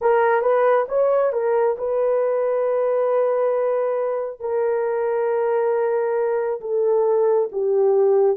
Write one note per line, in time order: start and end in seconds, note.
0.01 0.41 A#4
0.41 0.85 B4
0.88 1.32 C#5
1.32 1.76 A#4
1.78 4.40 B4
4.40 6.60 A#4
6.61 7.49 A4
7.52 8.37 G4